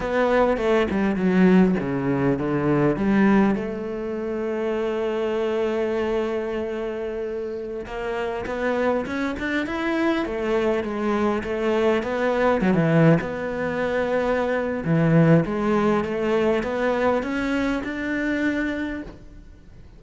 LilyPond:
\new Staff \with { instrumentName = "cello" } { \time 4/4 \tempo 4 = 101 b4 a8 g8 fis4 cis4 | d4 g4 a2~ | a1~ | a4~ a16 ais4 b4 cis'8 d'16~ |
d'16 e'4 a4 gis4 a8.~ | a16 b4 fis16 e8. b4.~ b16~ | b4 e4 gis4 a4 | b4 cis'4 d'2 | }